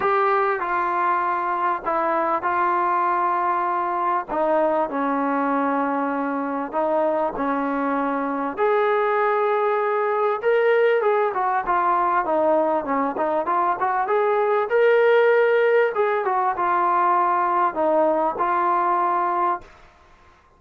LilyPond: \new Staff \with { instrumentName = "trombone" } { \time 4/4 \tempo 4 = 98 g'4 f'2 e'4 | f'2. dis'4 | cis'2. dis'4 | cis'2 gis'2~ |
gis'4 ais'4 gis'8 fis'8 f'4 | dis'4 cis'8 dis'8 f'8 fis'8 gis'4 | ais'2 gis'8 fis'8 f'4~ | f'4 dis'4 f'2 | }